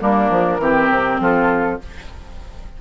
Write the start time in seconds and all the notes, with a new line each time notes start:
0.00 G3 A#3 D4 A#4
0.29 F3
0.58 E3 C4 G4
0.89 C3
1.20 F3 F4 A4